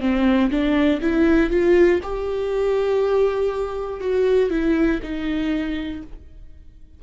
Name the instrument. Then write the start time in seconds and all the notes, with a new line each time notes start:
viola
0.00 C4
0.50 D4
1.01 E4
1.50 F4
2.03 G4
4.01 F#4
4.50 E4
5.02 D#4